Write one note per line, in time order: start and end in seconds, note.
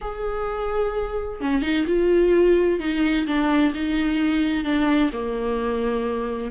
0.01 1.40 G#4
1.40 1.62 C#4
1.62 1.85 D#4
1.86 2.79 F4
2.79 3.26 D#4
3.26 3.73 D4
3.74 4.64 D#4
4.64 5.10 D4
5.12 6.51 A#3